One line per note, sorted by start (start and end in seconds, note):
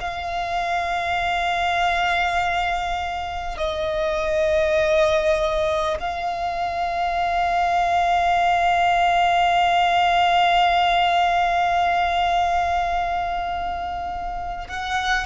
0.00 3.57 F5
3.57 5.97 D#5
5.99 14.68 F5
14.68 15.26 F#5